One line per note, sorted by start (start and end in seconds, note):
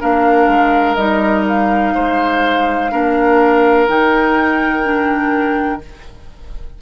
0.00 0.47 A#3
0.00 0.97 D4
0.00 1.94 A#4
0.00 0.95 F5
0.47 0.96 G#3
0.95 1.93 G3
0.95 2.91 D#4
0.95 1.43 D#5
1.48 3.88 F5
1.95 2.92 G#3
1.95 2.91 C5
2.91 3.88 A#3
2.91 3.87 D4
2.91 5.81 A#4
3.87 5.81 D#3
3.87 4.84 D#4
3.87 5.81 G5
4.84 5.80 D4